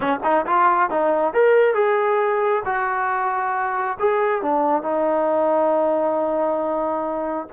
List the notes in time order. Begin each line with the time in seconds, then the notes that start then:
0.00 C#4
0.23 D#4
0.45 F4
0.89 D#4
1.33 A#4
1.74 G#4
2.65 F#4
3.99 G#4
4.42 D4
4.82 D#4